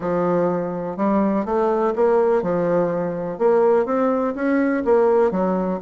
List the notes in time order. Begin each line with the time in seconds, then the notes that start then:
0.00 F3
0.96 G3
1.45 A3
1.95 A#3
2.42 F3
3.38 A#3
3.85 C4
4.35 C#4
4.85 A#3
5.31 F#3